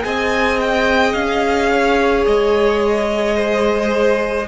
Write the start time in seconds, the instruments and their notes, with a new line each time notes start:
0.00 cello C4, viola G#4, violin D#5 G#5
0.61 violin G5
1.13 cello C#4, violin F5
1.72 violin C#5
2.26 cello G#3, violin D#5
3.36 violin C5